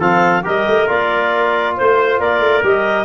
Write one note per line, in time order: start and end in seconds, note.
0.00 0.44 F3
0.00 0.43 C4
0.00 0.44 A4
0.00 0.44 F5
0.43 0.67 G3
0.43 0.87 G4
0.43 1.77 A#4
0.43 0.89 D#5
0.67 0.89 A3
0.87 1.78 A#3
0.87 2.63 F4
0.87 1.77 D5
1.77 2.19 A3
1.77 2.20 C5
1.77 2.21 C5
2.19 2.40 A#3
2.19 3.05 A#4
2.19 2.64 D5
2.40 2.62 A3
2.63 3.05 G3
2.63 3.05 G4
2.63 3.05 D#5